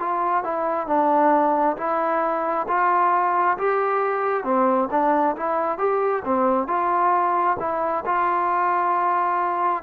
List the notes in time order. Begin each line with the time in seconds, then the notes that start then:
0.00 F4
0.44 E4
0.88 D4
1.77 E4
2.68 F4
3.58 G4
4.44 C4
4.92 D4
5.37 E4
5.78 G4
6.25 C4
6.68 F4
7.60 E4
8.06 F4